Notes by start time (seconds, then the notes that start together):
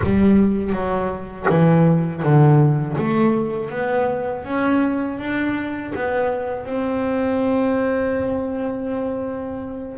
0.03 G3
0.72 F#3
1.49 E3
2.22 D3
2.97 A3
3.70 B3
4.44 C#4
5.19 D4
5.94 B3
6.65 C4